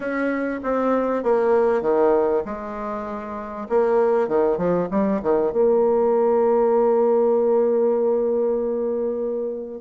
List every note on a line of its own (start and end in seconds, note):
0.00 0.60 C#4
0.63 1.23 C4
1.23 1.81 A#3
1.81 2.43 D#3
2.45 3.67 G#3
3.69 4.27 A#3
4.27 4.57 D#3
4.57 4.88 F3
4.90 5.21 G3
5.22 5.52 D#3
5.52 9.81 A#3